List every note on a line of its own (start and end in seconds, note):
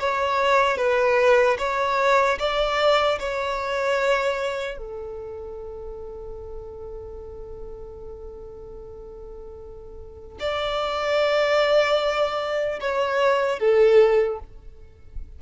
0.00 0.78 C#5
0.78 1.58 B4
1.59 2.39 C#5
2.39 3.19 D5
3.20 4.78 C#5
4.78 10.38 A4
10.40 12.80 D5
12.81 13.60 C#5
13.60 14.40 A4